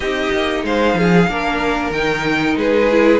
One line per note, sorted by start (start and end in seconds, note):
0.00 0.28 C4
0.00 1.29 D#4
0.00 0.63 G4
0.00 0.64 D#5
0.31 0.63 A#3
0.63 0.94 G#3
0.63 0.97 C5
0.63 1.91 F5
0.94 1.26 F3
0.94 1.30 G#4
1.28 1.90 A#3
1.28 1.94 D4
1.28 2.57 A#4
1.90 2.54 D#3
1.90 2.91 D#4
1.90 2.56 G5
2.56 3.20 G#3
2.56 3.20 G#4
2.56 3.20 B4
2.91 3.20 E4